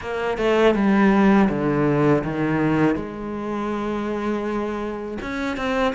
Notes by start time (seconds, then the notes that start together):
0.01 A#3
0.37 A3
0.74 G3
1.49 D3
2.24 D#3
2.95 G#3
5.21 C#4
5.56 C4